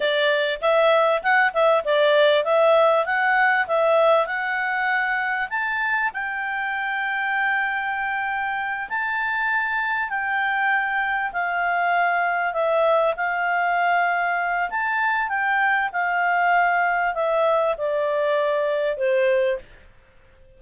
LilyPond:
\new Staff \with { instrumentName = "clarinet" } { \time 4/4 \tempo 4 = 98 d''4 e''4 fis''8 e''8 d''4 | e''4 fis''4 e''4 fis''4~ | fis''4 a''4 g''2~ | g''2~ g''8 a''4.~ |
a''8 g''2 f''4.~ | f''8 e''4 f''2~ f''8 | a''4 g''4 f''2 | e''4 d''2 c''4 | }